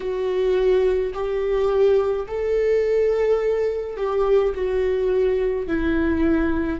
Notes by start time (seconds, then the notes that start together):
0.00 F#4
1.13 G4
2.27 A4
3.96 G4
4.54 F#4
5.67 E4